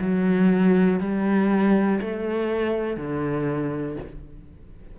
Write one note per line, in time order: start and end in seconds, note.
0.00 1.00 F#3
1.00 2.00 G3
2.00 2.96 A3
2.96 3.96 D3